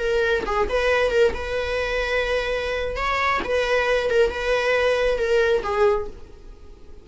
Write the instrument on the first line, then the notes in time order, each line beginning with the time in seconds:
viola
0.00 A#4
0.46 G#4
0.69 B4
1.11 A#4
1.34 B4
2.97 C#5
3.45 B4
4.11 A#4
4.31 B4
5.19 A#4
5.64 G#4